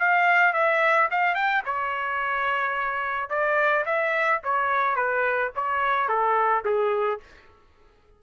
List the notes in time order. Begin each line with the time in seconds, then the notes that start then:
0.00 F5
0.54 E5
1.11 F5
1.36 G5
1.66 C#5
3.30 D5
3.86 E5
4.44 C#5
4.96 B4
5.56 C#5
6.09 A4
6.65 G#4